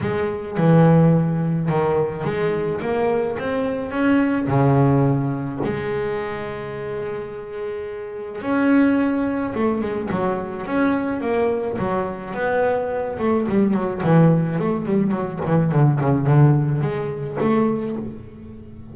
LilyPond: \new Staff \with { instrumentName = "double bass" } { \time 4/4 \tempo 4 = 107 gis4 e2 dis4 | gis4 ais4 c'4 cis'4 | cis2 gis2~ | gis2. cis'4~ |
cis'4 a8 gis8 fis4 cis'4 | ais4 fis4 b4. a8 | g8 fis8 e4 a8 g8 fis8 e8 | d8 cis8 d4 gis4 a4 | }